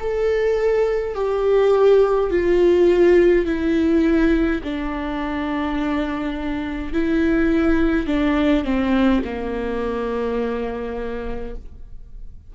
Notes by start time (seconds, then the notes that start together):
0.00 A4
1.15 G4
2.30 F4
3.46 E4
4.64 D4
6.93 E4
8.07 D4
8.64 C4
9.25 A#3